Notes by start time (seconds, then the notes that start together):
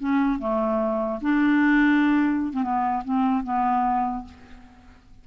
0.00 C#4
0.39 A3
1.22 D4
2.53 C4
2.63 B3
3.05 C4
3.44 B3